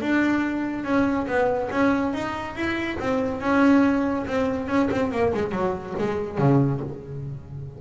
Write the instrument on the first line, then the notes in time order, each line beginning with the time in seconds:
double bass
0.00 D4
0.84 C#4
1.27 B3
1.70 C#4
2.13 D#4
2.55 E4
2.99 C4
3.40 C#4
4.26 C4
4.68 C#4
4.91 C4
5.11 A#3
5.33 G#3
5.51 F#3
5.98 G#3
6.38 C#3